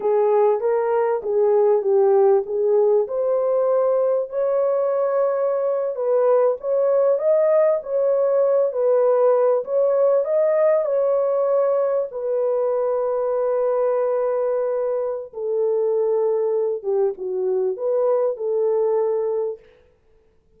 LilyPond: \new Staff \with { instrumentName = "horn" } { \time 4/4 \tempo 4 = 98 gis'4 ais'4 gis'4 g'4 | gis'4 c''2 cis''4~ | cis''4.~ cis''16 b'4 cis''4 dis''16~ | dis''8. cis''4. b'4. cis''16~ |
cis''8. dis''4 cis''2 b'16~ | b'1~ | b'4 a'2~ a'8 g'8 | fis'4 b'4 a'2 | }